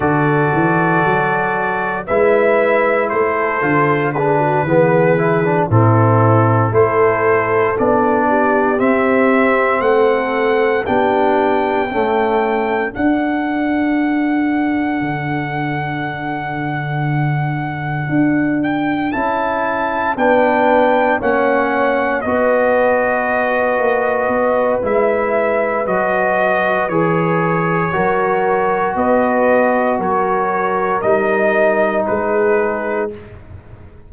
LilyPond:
<<
  \new Staff \with { instrumentName = "trumpet" } { \time 4/4 \tempo 4 = 58 d''2 e''4 c''4 | b'4. a'4 c''4 d''8~ | d''8 e''4 fis''4 g''4.~ | g''8 fis''2.~ fis''8~ |
fis''2 g''8 a''4 g''8~ | g''8 fis''4 dis''2~ dis''8 | e''4 dis''4 cis''2 | dis''4 cis''4 dis''4 b'4 | }
  \new Staff \with { instrumentName = "horn" } { \time 4/4 a'2 b'4 a'4 | gis'16 fis'16 gis'4 e'4 a'4. | g'4. a'4 g'4 a'8~ | a'1~ |
a'2.~ a'8 b'8~ | b'8 cis''4 b'2~ b'8~ | b'2. ais'4 | b'4 ais'2 gis'4 | }
  \new Staff \with { instrumentName = "trombone" } { \time 4/4 fis'2 e'4. f'8 | d'8 b8 e'16 d'16 c'4 e'4 d'8~ | d'8 c'2 d'4 a8~ | a8 d'2.~ d'8~ |
d'2~ d'8 e'4 d'8~ | d'8 cis'4 fis'2~ fis'8 | e'4 fis'4 gis'4 fis'4~ | fis'2 dis'2 | }
  \new Staff \with { instrumentName = "tuba" } { \time 4/4 d8 e8 fis4 gis4 a8 d8~ | d8 e4 a,4 a4 b8~ | b8 c'4 a4 b4 cis'8~ | cis'8 d'2 d4.~ |
d4. d'4 cis'4 b8~ | b8 ais4 b4. ais8 b8 | gis4 fis4 e4 fis4 | b4 fis4 g4 gis4 | }
>>